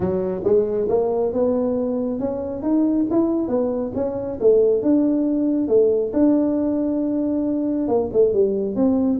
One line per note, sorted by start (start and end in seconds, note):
0.00 0.42 F#3
0.44 0.88 G#3
0.89 1.32 A#3
1.32 2.19 B3
2.19 2.62 C#4
2.62 3.06 D#4
3.10 3.48 E4
3.48 3.92 B3
3.94 4.38 C#4
4.40 4.82 A3
4.82 5.68 D4
5.68 6.12 A3
6.13 7.88 D4
7.88 8.10 A#3
8.13 8.33 A3
8.33 8.75 G3
8.75 9.19 C4